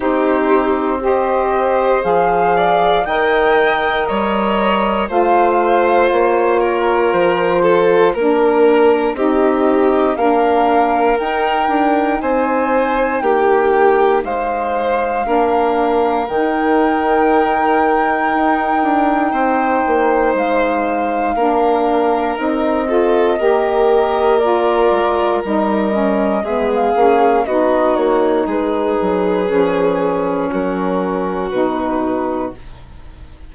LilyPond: <<
  \new Staff \with { instrumentName = "flute" } { \time 4/4 \tempo 4 = 59 c''4 dis''4 f''4 g''4 | dis''4 f''4 cis''4 c''4 | ais'4 dis''4 f''4 g''4 | gis''4 g''4 f''2 |
g''1 | f''2 dis''2 | d''4 dis''4 e''16 f''8. dis''8 cis''8 | b'2 ais'4 b'4 | }
  \new Staff \with { instrumentName = "violin" } { \time 4/4 g'4 c''4. d''8 dis''4 | cis''4 c''4. ais'4 a'8 | ais'4 g'4 ais'2 | c''4 g'4 c''4 ais'4~ |
ais'2. c''4~ | c''4 ais'4. a'8 ais'4~ | ais'2 gis'4 fis'4 | gis'2 fis'2 | }
  \new Staff \with { instrumentName = "saxophone" } { \time 4/4 dis'4 g'4 gis'4 ais'4~ | ais'4 f'2. | d'4 dis'4 d'4 dis'4~ | dis'2. d'4 |
dis'1~ | dis'4 d'4 dis'8 f'8 g'4 | f'4 dis'8 cis'8 b8 cis'8 dis'4~ | dis'4 cis'2 dis'4 | }
  \new Staff \with { instrumentName = "bassoon" } { \time 4/4 c'2 f4 dis4 | g4 a4 ais4 f4 | ais4 c'4 ais4 dis'8 d'8 | c'4 ais4 gis4 ais4 |
dis2 dis'8 d'8 c'8 ais8 | gis4 ais4 c'4 ais4~ | ais8 gis8 g4 gis8 ais8 b8 ais8 | gis8 fis8 f4 fis4 b,4 | }
>>